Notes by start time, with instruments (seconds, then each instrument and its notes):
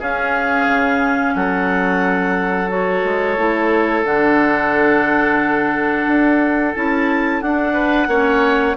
0.00 bassoon C#4, clarinet C#4 F5, oboe G#4
0.68 bassoon C#3
1.35 bassoon F#3, oboe A4, clarinet F#5
2.69 clarinet F#4 C#5
3.04 bassoon G#3
3.38 bassoon A3, clarinet E4
4.05 bassoon D3, clarinet D4 F#5
6.08 bassoon D4
6.75 bassoon C#4, clarinet E4 A5
7.42 bassoon D4, clarinet D4 F#5
7.74 oboe B4
8.08 bassoon A#3, clarinet C#4, oboe C#5